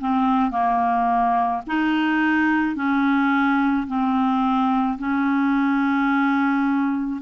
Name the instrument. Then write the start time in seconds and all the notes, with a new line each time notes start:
clarinet
0.00 C4
0.51 A#3
1.66 D#4
2.75 C#4
3.87 C4
4.98 C#4